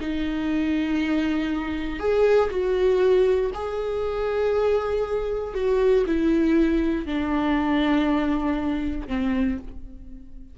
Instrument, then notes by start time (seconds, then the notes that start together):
viola
0.00 D#4
1.99 G#4
2.50 F#4
3.54 G#4
5.54 F#4
6.06 E4
7.06 D4
9.07 C4